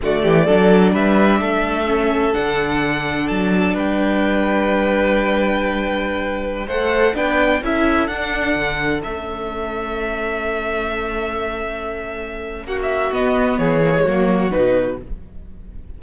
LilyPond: <<
  \new Staff \with { instrumentName = "violin" } { \time 4/4 \tempo 4 = 128 d''2 e''2~ | e''4 fis''2 a''4 | g''1~ | g''2~ g''16 fis''4 g''8.~ |
g''16 e''4 fis''2 e''8.~ | e''1~ | e''2. fis''16 e''8. | dis''4 cis''2 b'4 | }
  \new Staff \with { instrumentName = "violin" } { \time 4/4 fis'8 g'8 a'4 b'4 a'4~ | a'1 | b'1~ | b'2~ b'16 c''4 b'8.~ |
b'16 a'2.~ a'8.~ | a'1~ | a'2. fis'4~ | fis'4 gis'4 fis'2 | }
  \new Staff \with { instrumentName = "viola" } { \time 4/4 a4 d'2. | cis'4 d'2.~ | d'1~ | d'2~ d'16 a'4 d'8.~ |
d'16 e'4 d'2 cis'8.~ | cis'1~ | cis'1 | b4. ais16 gis16 ais4 dis'4 | }
  \new Staff \with { instrumentName = "cello" } { \time 4/4 d8 e8 fis4 g4 a4~ | a4 d2 fis4 | g1~ | g2~ g16 a4 b8.~ |
b16 cis'4 d'4 d4 a8.~ | a1~ | a2. ais4 | b4 e4 fis4 b,4 | }
>>